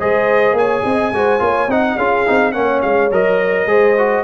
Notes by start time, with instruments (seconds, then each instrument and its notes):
0.00 tuba G#3, trombone G#4, horn C5, trumpet D#5
0.53 tuba A#3, horn C#5, trumpet G#5
0.84 tuba C4, horn D#5
1.12 tuba G#3, trombone F#4, horn C5
1.39 tuba A#3, trombone F4, horn C#5
1.67 tuba C4, trombone D#4, horn D#5, trumpet F#5
1.97 tuba C#4, trombone F4, horn G#4, trumpet F5
2.27 tuba C4, trombone D#4
2.52 tuba A#3, trombone C#4, horn C#5, trumpet F#5
2.81 tuba G#3, trumpet F5
3.11 tuba F#3, trombone A#4, trumpet D#5
3.66 tuba G#3, trombone G#4, horn C5
3.98 trombone F#4